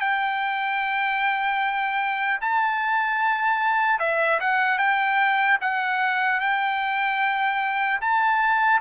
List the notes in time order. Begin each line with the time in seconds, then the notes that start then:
0.00 G5
2.41 A5
3.99 E5
4.40 F#5
4.78 G5
5.61 F#5
6.40 G5
8.01 A5